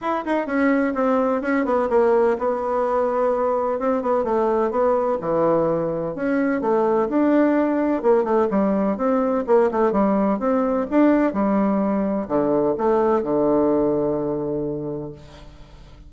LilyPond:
\new Staff \with { instrumentName = "bassoon" } { \time 4/4 \tempo 4 = 127 e'8 dis'8 cis'4 c'4 cis'8 b8 | ais4 b2. | c'8 b8 a4 b4 e4~ | e4 cis'4 a4 d'4~ |
d'4 ais8 a8 g4 c'4 | ais8 a8 g4 c'4 d'4 | g2 d4 a4 | d1 | }